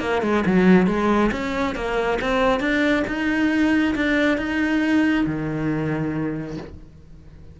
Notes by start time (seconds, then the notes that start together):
0.00 A#3
0.22 G#3
0.46 F#3
0.87 G#3
1.32 C#4
1.75 A#3
2.21 C4
2.60 D4
3.07 D#4
3.95 D4
4.38 D#4
5.26 D#3